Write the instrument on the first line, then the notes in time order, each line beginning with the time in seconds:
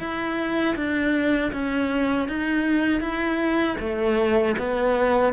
cello
0.00 E4
0.76 D4
1.53 C#4
2.29 D#4
3.01 E4
3.80 A3
4.59 B3